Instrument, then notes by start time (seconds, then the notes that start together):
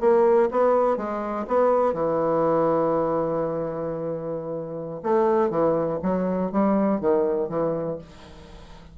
bassoon
0.00 A#3
0.51 B3
0.97 G#3
1.48 B3
1.94 E3
5.03 A3
5.50 E3
6.03 F#3
6.52 G3
7.01 D#3
7.49 E3